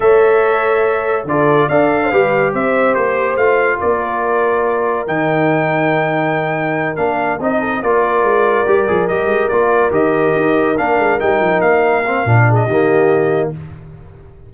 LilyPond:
<<
  \new Staff \with { instrumentName = "trumpet" } { \time 4/4 \tempo 4 = 142 e''2. d''4 | f''2 e''4 c''4 | f''4 d''2. | g''1~ |
g''8 f''4 dis''4 d''4.~ | d''4. dis''4 d''4 dis''8~ | dis''4. f''4 g''4 f''8~ | f''4.~ f''16 dis''2~ dis''16 | }
  \new Staff \with { instrumentName = "horn" } { \time 4/4 cis''2. a'4 | d''8. c''16 b'4 c''2~ | c''4 ais'2.~ | ais'1~ |
ais'2 a'8 ais'4.~ | ais'1~ | ais'1~ | ais'4. gis'8 g'2 | }
  \new Staff \with { instrumentName = "trombone" } { \time 4/4 a'2. f'4 | a'4 g'2. | f'1 | dis'1~ |
dis'8 d'4 dis'4 f'4.~ | f'8 g'8 gis'8 g'4 f'4 g'8~ | g'4. d'4 dis'4.~ | dis'8 c'8 d'4 ais2 | }
  \new Staff \with { instrumentName = "tuba" } { \time 4/4 a2. d4 | d'4 g4 c'4 ais4 | a4 ais2. | dis1~ |
dis8 ais4 c'4 ais4 gis8~ | gis8 g8 f8 g8 gis8 ais4 dis8~ | dis8 dis'4 ais8 gis8 g8 f8 ais8~ | ais4 ais,4 dis2 | }
>>